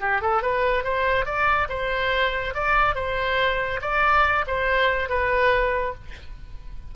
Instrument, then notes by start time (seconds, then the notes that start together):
oboe
0.00 G4
0.21 A4
0.42 B4
0.84 C5
1.25 D5
1.69 C5
2.54 D5
2.95 C5
3.81 D5
4.47 C5
5.09 B4